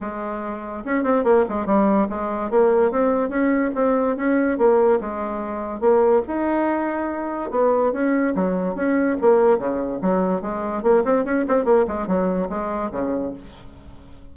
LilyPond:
\new Staff \with { instrumentName = "bassoon" } { \time 4/4 \tempo 4 = 144 gis2 cis'8 c'8 ais8 gis8 | g4 gis4 ais4 c'4 | cis'4 c'4 cis'4 ais4 | gis2 ais4 dis'4~ |
dis'2 b4 cis'4 | fis4 cis'4 ais4 cis4 | fis4 gis4 ais8 c'8 cis'8 c'8 | ais8 gis8 fis4 gis4 cis4 | }